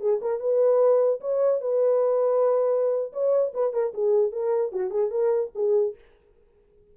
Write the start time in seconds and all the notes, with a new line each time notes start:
0.00 G#4
0.21 A#4
0.40 B4
1.21 C#5
1.61 B4
3.12 C#5
3.54 B4
3.73 A#4
3.94 G#4
4.32 A#4
4.72 F#4
4.91 G#4
5.11 A#4
5.55 G#4